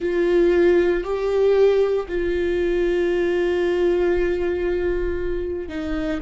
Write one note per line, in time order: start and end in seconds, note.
0.00 1.03 F4
1.03 2.06 G4
2.08 5.68 F4
5.68 6.20 D#4